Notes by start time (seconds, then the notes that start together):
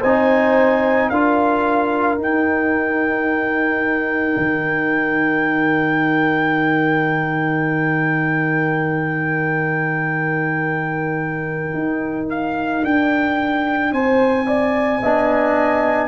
0.00 C4 D#4 C5 G#5
1.10 D4 F4 A#4 F5
2.18 D#4 G5
4.37 D#3
11.74 D#4
12.30 F5
12.83 D4 G5
13.92 C4 C5 G#5
14.47 D5
15.02 B3 D4 D#5